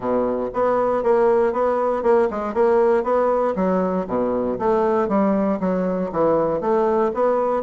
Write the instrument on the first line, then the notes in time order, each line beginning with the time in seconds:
bassoon
0.00 B2
0.53 B3
1.03 A#3
1.53 B3
2.02 A#3
2.30 G#3
2.54 A#3
3.03 B3
3.55 F#3
4.07 B2
4.59 A3
5.08 G3
5.59 F#3
6.11 E3
6.60 A3
7.13 B3